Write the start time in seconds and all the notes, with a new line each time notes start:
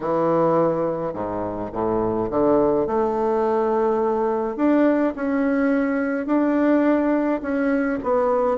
0.00 E3
1.13 G#2
1.72 A2
2.30 D3
2.86 A3
4.56 D4
5.15 C#4
6.26 D4
7.41 C#4
8.03 B3